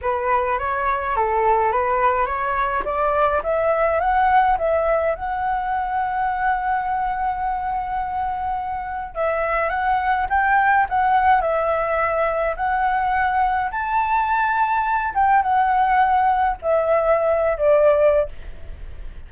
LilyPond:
\new Staff \with { instrumentName = "flute" } { \time 4/4 \tempo 4 = 105 b'4 cis''4 a'4 b'4 | cis''4 d''4 e''4 fis''4 | e''4 fis''2.~ | fis''1 |
e''4 fis''4 g''4 fis''4 | e''2 fis''2 | a''2~ a''8 g''8 fis''4~ | fis''4 e''4.~ e''16 d''4~ d''16 | }